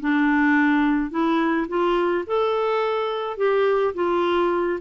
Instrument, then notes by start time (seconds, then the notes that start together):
clarinet
0.00 D4
1.10 E4
1.67 F4
2.26 A4
3.37 G4
3.94 F4